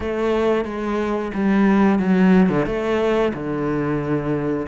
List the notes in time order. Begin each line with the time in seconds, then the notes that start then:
0.00 A3
0.65 G#3
1.34 G3
1.99 F#3
2.49 D3
2.66 A3
3.33 D3